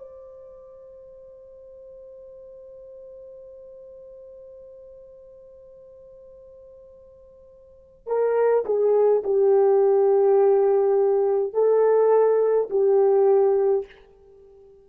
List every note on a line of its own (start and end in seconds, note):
0.00 8.07 C5
8.07 8.65 A#4
8.66 9.24 G#4
9.24 11.54 G4
11.54 12.69 A4
12.70 13.86 G4